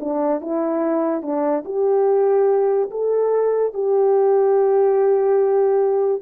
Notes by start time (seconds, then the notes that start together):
0.00 D4
0.41 E4
1.22 D4
1.65 G4
2.91 A4
3.74 G4